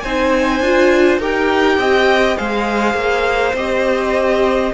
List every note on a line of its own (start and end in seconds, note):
0.00 0.59 C4
0.00 0.62 D#4
0.00 1.19 C5
0.00 1.18 G#5
0.59 1.18 D4
0.59 1.20 F4
1.18 1.77 D#4
1.18 2.37 G4
1.18 1.78 A#4
1.18 2.37 G5
1.77 2.36 C4
1.77 2.37 D#5
2.37 2.94 G#3
2.37 3.54 G#4
2.37 4.72 C5
2.37 3.55 F5
2.94 3.52 A#3
3.53 4.71 C4
3.53 4.73 G4
3.53 4.73 D#5